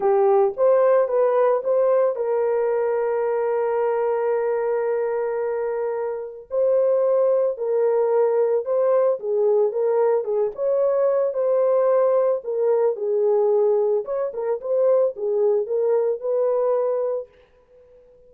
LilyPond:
\new Staff \with { instrumentName = "horn" } { \time 4/4 \tempo 4 = 111 g'4 c''4 b'4 c''4 | ais'1~ | ais'1 | c''2 ais'2 |
c''4 gis'4 ais'4 gis'8 cis''8~ | cis''4 c''2 ais'4 | gis'2 cis''8 ais'8 c''4 | gis'4 ais'4 b'2 | }